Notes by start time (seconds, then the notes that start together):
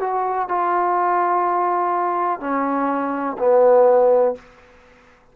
0.00 F#4
0.48 F4
2.40 C#4
3.38 B3